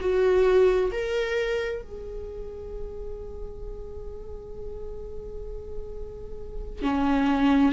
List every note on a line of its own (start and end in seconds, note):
0.00 0.91 F#4
0.92 1.82 A#4
1.82 6.82 G#4
6.82 7.72 C#4